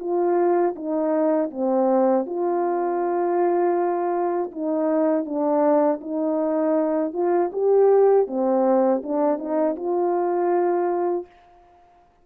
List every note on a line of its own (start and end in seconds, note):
0.00 0.75 F4
0.76 1.51 D#4
1.51 2.26 C4
2.26 4.51 F4
4.52 5.25 D#4
5.25 6.00 D4
6.01 7.14 D#4
7.14 7.51 F4
7.53 8.27 G4
8.27 9.02 C4
9.04 9.39 D4
9.39 9.76 D#4
9.76 11.26 F4